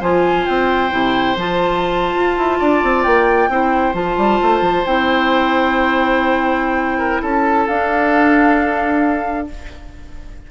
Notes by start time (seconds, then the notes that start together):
0.00 F3 F4 C5 G#5
0.46 C4 G5
0.90 C3 E4
1.36 F3 F4 A5
2.15 F4
2.37 E4
2.59 D4 D5
2.83 C4
3.03 A#3 G5
3.49 C4 E4 C5
3.94 F3 F4 A5
4.17 G3
4.42 A3
4.61 F3
4.85 C4 E4 G5
6.98 A#4
7.22 C#4 A4 A5
7.67 D4 F5